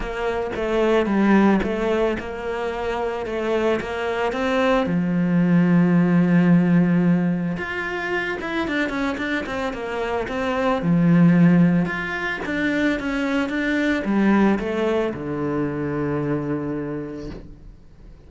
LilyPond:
\new Staff \with { instrumentName = "cello" } { \time 4/4 \tempo 4 = 111 ais4 a4 g4 a4 | ais2 a4 ais4 | c'4 f2.~ | f2 f'4. e'8 |
d'8 cis'8 d'8 c'8 ais4 c'4 | f2 f'4 d'4 | cis'4 d'4 g4 a4 | d1 | }